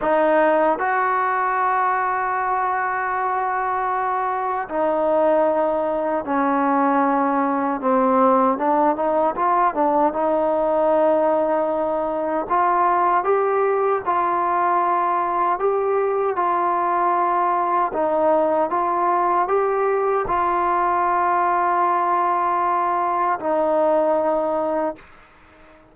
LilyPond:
\new Staff \with { instrumentName = "trombone" } { \time 4/4 \tempo 4 = 77 dis'4 fis'2.~ | fis'2 dis'2 | cis'2 c'4 d'8 dis'8 | f'8 d'8 dis'2. |
f'4 g'4 f'2 | g'4 f'2 dis'4 | f'4 g'4 f'2~ | f'2 dis'2 | }